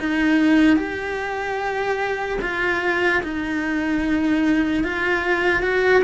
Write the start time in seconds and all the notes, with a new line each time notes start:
0.00 D#4
0.77 G4
2.41 F4
3.23 D#4
4.84 F4
5.62 F#4